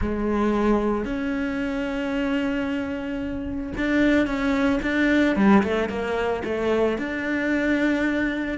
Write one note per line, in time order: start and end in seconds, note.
0.01 1.04 G#3
1.04 3.72 C#4
3.77 4.26 D4
4.26 4.80 C#4
4.82 5.35 D4
5.36 5.62 G3
5.63 5.89 A3
5.89 6.43 A#3
6.44 6.98 A3
6.98 8.58 D4